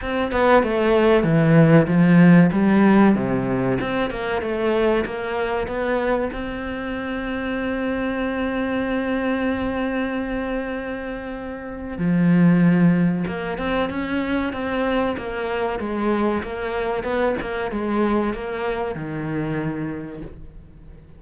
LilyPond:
\new Staff \with { instrumentName = "cello" } { \time 4/4 \tempo 4 = 95 c'8 b8 a4 e4 f4 | g4 c4 c'8 ais8 a4 | ais4 b4 c'2~ | c'1~ |
c'2. f4~ | f4 ais8 c'8 cis'4 c'4 | ais4 gis4 ais4 b8 ais8 | gis4 ais4 dis2 | }